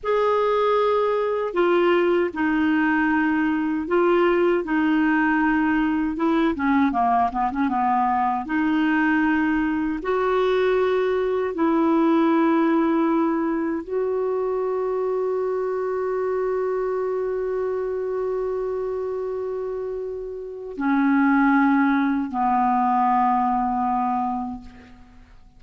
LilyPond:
\new Staff \with { instrumentName = "clarinet" } { \time 4/4 \tempo 4 = 78 gis'2 f'4 dis'4~ | dis'4 f'4 dis'2 | e'8 cis'8 ais8 b16 cis'16 b4 dis'4~ | dis'4 fis'2 e'4~ |
e'2 fis'2~ | fis'1~ | fis'2. cis'4~ | cis'4 b2. | }